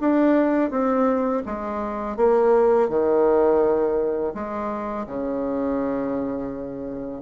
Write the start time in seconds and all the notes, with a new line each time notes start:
0.00 D4
0.70 C4
1.46 G#3
2.17 A#3
2.89 D#3
4.34 G#3
5.06 C#3